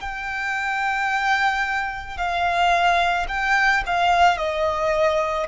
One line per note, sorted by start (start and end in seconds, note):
0.00 2.17 G5
2.17 3.26 F5
3.28 3.83 G5
3.86 4.37 F5
4.37 5.46 D#5